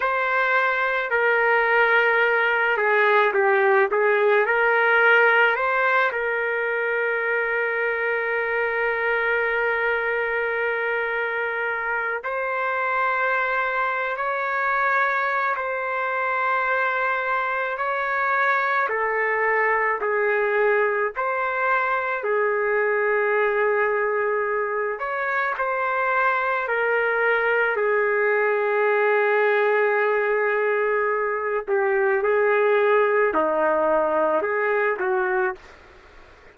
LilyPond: \new Staff \with { instrumentName = "trumpet" } { \time 4/4 \tempo 4 = 54 c''4 ais'4. gis'8 g'8 gis'8 | ais'4 c''8 ais'2~ ais'8~ | ais'2. c''4~ | c''8. cis''4~ cis''16 c''2 |
cis''4 a'4 gis'4 c''4 | gis'2~ gis'8 cis''8 c''4 | ais'4 gis'2.~ | gis'8 g'8 gis'4 dis'4 gis'8 fis'8 | }